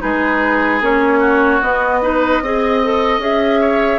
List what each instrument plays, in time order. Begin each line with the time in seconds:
0.00 bassoon G#3, clarinet D#4, oboe G#4, flute B4
0.81 bassoon A#3, clarinet C#4, flute C#5
1.19 oboe F#4
1.62 clarinet B3, bassoon B3, flute D#5
2.02 clarinet D#4, oboe B4
2.41 bassoon C4, clarinet G#4, oboe D#5
2.84 clarinet A4
3.18 bassoon C#4, clarinet G#4, flute E5
3.61 oboe C#5